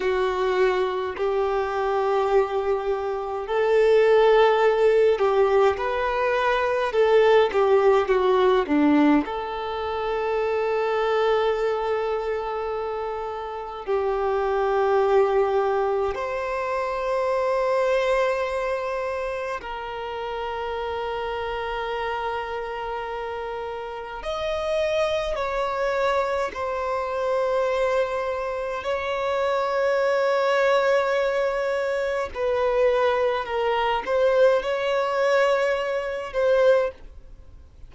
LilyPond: \new Staff \with { instrumentName = "violin" } { \time 4/4 \tempo 4 = 52 fis'4 g'2 a'4~ | a'8 g'8 b'4 a'8 g'8 fis'8 d'8 | a'1 | g'2 c''2~ |
c''4 ais'2.~ | ais'4 dis''4 cis''4 c''4~ | c''4 cis''2. | b'4 ais'8 c''8 cis''4. c''8 | }